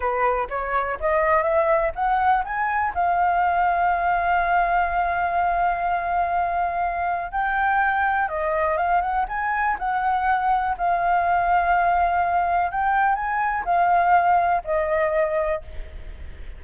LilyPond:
\new Staff \with { instrumentName = "flute" } { \time 4/4 \tempo 4 = 123 b'4 cis''4 dis''4 e''4 | fis''4 gis''4 f''2~ | f''1~ | f''2. g''4~ |
g''4 dis''4 f''8 fis''8 gis''4 | fis''2 f''2~ | f''2 g''4 gis''4 | f''2 dis''2 | }